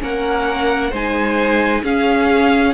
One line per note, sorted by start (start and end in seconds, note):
0.00 0.92 A#3
0.00 0.91 C#4
0.00 0.91 A#4
0.00 0.95 F#5
0.91 1.83 G#3
0.91 1.84 D#4
0.91 1.82 C5
0.91 1.85 G#5
1.83 2.74 C#4
1.83 2.74 G#4
1.83 2.74 F5